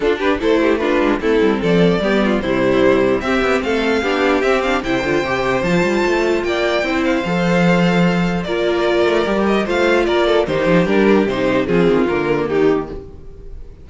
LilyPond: <<
  \new Staff \with { instrumentName = "violin" } { \time 4/4 \tempo 4 = 149 a'8 b'8 c''4 b'4 a'4 | d''2 c''2 | e''4 f''2 e''8 f''8 | g''2 a''2 |
g''4. f''2~ f''8~ | f''4 d''2~ d''8 dis''8 | f''4 d''4 c''4 ais'4 | c''4 gis'4 ais'4 g'4 | }
  \new Staff \with { instrumentName = "violin" } { \time 4/4 f'8 g'8 a'8 g'8 f'4 e'4 | a'4 g'8 f'8 e'2 | g'4 a'4 g'2 | c''1 |
d''4 c''2.~ | c''4 ais'2. | c''4 ais'8 a'8 g'2~ | g'4 f'2 dis'4 | }
  \new Staff \with { instrumentName = "viola" } { \time 4/4 d'4 e'4 d'4 c'4~ | c'4 b4 g2 | c'2 d'4 c'8 d'8 | e'8 f'8 g'4 f'2~ |
f'4 e'4 a'2~ | a'4 f'2 g'4 | f'2 dis'4 d'4 | dis'4 c'4 ais2 | }
  \new Staff \with { instrumentName = "cello" } { \time 4/4 d'4 a4. gis8 a8 g8 | f4 g4 c2 | c'8 b8 a4 b4 c'4 | c8 d8 c4 f8 g8 a4 |
ais4 c'4 f2~ | f4 ais4. a8 g4 | a4 ais4 dis8 f8 g4 | c4 f8 dis8 d4 dis4 | }
>>